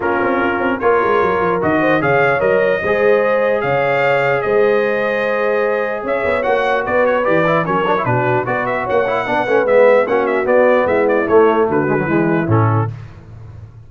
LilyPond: <<
  \new Staff \with { instrumentName = "trumpet" } { \time 4/4 \tempo 4 = 149 ais'2 cis''2 | dis''4 f''4 dis''2~ | dis''4 f''2 dis''4~ | dis''2. e''4 |
fis''4 d''8 cis''8 d''4 cis''4 | b'4 d''8 e''8 fis''2 | e''4 fis''8 e''8 d''4 e''8 d''8 | cis''4 b'2 a'4 | }
  \new Staff \with { instrumentName = "horn" } { \time 4/4 f'2 ais'2~ | ais'8 c''8 cis''2 c''4~ | c''4 cis''2 c''4~ | c''2. cis''4~ |
cis''4 b'2 ais'4 | fis'4 b'4 cis''4 b'4~ | b'4 fis'2 e'4~ | e'4 fis'4 e'2 | }
  \new Staff \with { instrumentName = "trombone" } { \time 4/4 cis'2 f'2 | fis'4 gis'4 ais'4 gis'4~ | gis'1~ | gis'1 |
fis'2 g'8 e'8 cis'8 d'16 e'16 | d'4 fis'4. e'8 d'8 cis'8 | b4 cis'4 b2 | a4. gis16 fis16 gis4 cis'4 | }
  \new Staff \with { instrumentName = "tuba" } { \time 4/4 ais8 c'8 cis'8 c'8 ais8 gis8 fis8 f8 | dis4 cis4 fis4 gis4~ | gis4 cis2 gis4~ | gis2. cis'8 b8 |
ais4 b4 e4 fis4 | b,4 b4 ais4 b8 a8 | gis4 ais4 b4 gis4 | a4 d4 e4 a,4 | }
>>